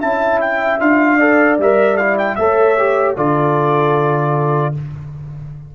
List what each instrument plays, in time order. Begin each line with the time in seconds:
0.00 tuba C#4, trombone E4, horn E5, trumpet A5
0.41 trumpet G5
0.80 tuba D4, trombone F4, trumpet F5
1.17 trombone A4, horn D5
1.58 tuba G3, trombone A#4, trumpet E5
1.97 trombone E4, trumpet F5
2.19 trumpet G5
2.36 tuba A3, trombone A4, horn C#5, trumpet E5
2.78 trombone G4
3.16 tuba D3, trombone F4, horn A4, trumpet D5